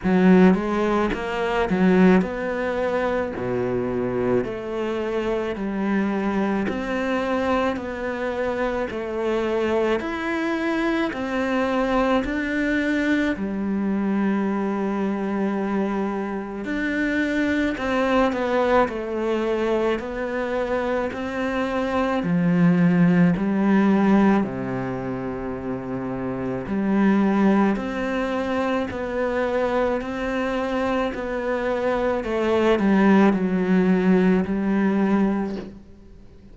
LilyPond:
\new Staff \with { instrumentName = "cello" } { \time 4/4 \tempo 4 = 54 fis8 gis8 ais8 fis8 b4 b,4 | a4 g4 c'4 b4 | a4 e'4 c'4 d'4 | g2. d'4 |
c'8 b8 a4 b4 c'4 | f4 g4 c2 | g4 c'4 b4 c'4 | b4 a8 g8 fis4 g4 | }